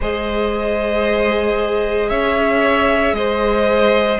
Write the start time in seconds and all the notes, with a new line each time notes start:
0.00 G#3 G#4 C5 D#5
2.09 C#4 C#5 E5
3.12 G#3 C5 D#5